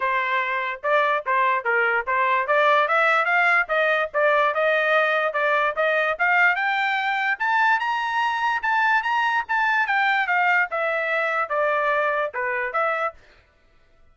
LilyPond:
\new Staff \with { instrumentName = "trumpet" } { \time 4/4 \tempo 4 = 146 c''2 d''4 c''4 | ais'4 c''4 d''4 e''4 | f''4 dis''4 d''4 dis''4~ | dis''4 d''4 dis''4 f''4 |
g''2 a''4 ais''4~ | ais''4 a''4 ais''4 a''4 | g''4 f''4 e''2 | d''2 b'4 e''4 | }